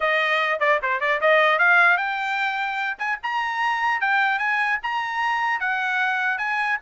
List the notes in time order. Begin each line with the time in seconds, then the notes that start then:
0.00 D#5
0.59 D5
0.82 C5
1.00 D5
1.20 D#5
1.59 F5
1.97 G5
2.98 G#5
3.23 A#5
4.00 G5
4.39 G#5
4.82 A#5
5.60 F#5
6.38 G#5